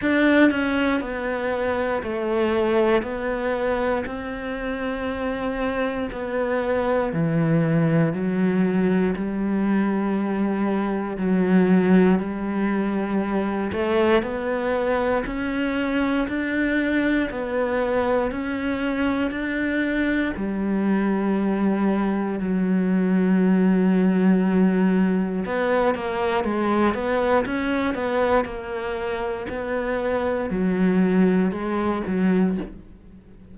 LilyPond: \new Staff \with { instrumentName = "cello" } { \time 4/4 \tempo 4 = 59 d'8 cis'8 b4 a4 b4 | c'2 b4 e4 | fis4 g2 fis4 | g4. a8 b4 cis'4 |
d'4 b4 cis'4 d'4 | g2 fis2~ | fis4 b8 ais8 gis8 b8 cis'8 b8 | ais4 b4 fis4 gis8 fis8 | }